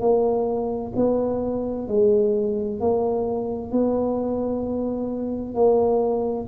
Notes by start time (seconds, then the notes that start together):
0.00 A#3
0.96 B3
1.88 G#3
2.80 A#3
3.71 B3
5.55 A#3